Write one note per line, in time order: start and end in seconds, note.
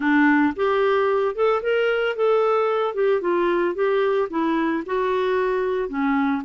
0.00 0.53 D4
0.56 1.35 G4
1.35 1.61 A4
1.62 2.16 A#4
2.16 2.94 A4
2.94 3.21 G4
3.21 3.74 F4
3.74 4.28 G4
4.30 4.83 E4
4.86 5.88 F#4
5.88 6.42 C#4